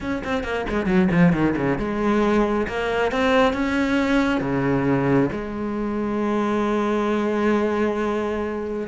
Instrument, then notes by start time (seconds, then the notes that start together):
cello
0.00 C#4
0.24 C4
0.43 A#3
0.69 G#3
0.86 F#3
1.11 F3
1.33 D#3
1.56 C#3
1.78 G#3
2.67 A#3
3.11 C4
3.53 C#4
4.40 C#3
5.32 G#3